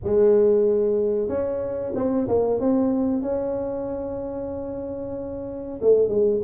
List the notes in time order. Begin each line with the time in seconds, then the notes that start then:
0.03 G#3
1.28 C#4
1.95 C4
2.28 A#3
2.60 C4
3.22 C#4
5.81 A3
6.08 G#3